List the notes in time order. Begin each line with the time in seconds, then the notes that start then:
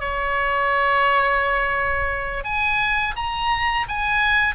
0.00 C#5
2.44 G#5
3.16 A#5
3.88 G#5